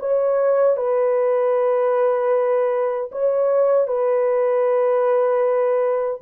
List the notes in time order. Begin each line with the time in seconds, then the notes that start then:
0.00 C#5
0.77 B4
3.12 C#5
3.88 B4